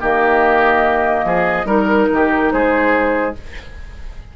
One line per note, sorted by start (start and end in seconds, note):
0.00 1.24 D#3
0.00 1.66 A#3
0.00 1.25 G4
0.00 1.68 D#5
1.24 1.65 F3
1.24 1.66 G#4
1.65 2.07 G3
1.65 3.32 D#4
1.65 2.07 A#4
1.65 2.51 A#4
2.12 2.52 D#3
2.12 2.53 G4
2.51 3.36 G#3
2.51 3.36 G#4
2.51 3.34 C5